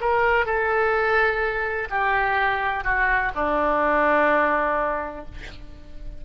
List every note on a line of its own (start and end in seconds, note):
0.00 0.45 A#4
0.45 1.88 A4
1.90 2.84 G4
2.84 3.31 F#4
3.35 5.25 D4